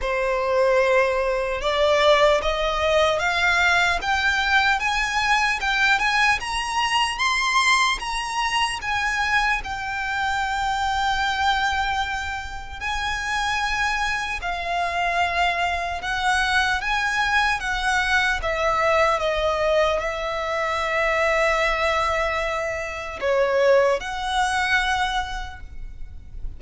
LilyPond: \new Staff \with { instrumentName = "violin" } { \time 4/4 \tempo 4 = 75 c''2 d''4 dis''4 | f''4 g''4 gis''4 g''8 gis''8 | ais''4 c'''4 ais''4 gis''4 | g''1 |
gis''2 f''2 | fis''4 gis''4 fis''4 e''4 | dis''4 e''2.~ | e''4 cis''4 fis''2 | }